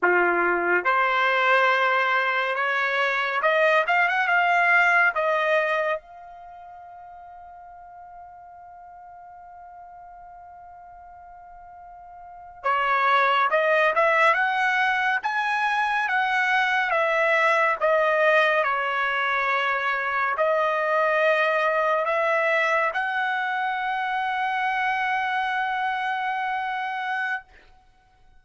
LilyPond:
\new Staff \with { instrumentName = "trumpet" } { \time 4/4 \tempo 4 = 70 f'4 c''2 cis''4 | dis''8 f''16 fis''16 f''4 dis''4 f''4~ | f''1~ | f''2~ f''8. cis''4 dis''16~ |
dis''16 e''8 fis''4 gis''4 fis''4 e''16~ | e''8. dis''4 cis''2 dis''16~ | dis''4.~ dis''16 e''4 fis''4~ fis''16~ | fis''1 | }